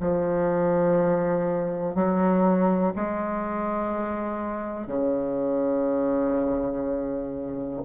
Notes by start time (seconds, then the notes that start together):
0.00 F3
1.95 F#3
2.95 G#3
4.87 C#3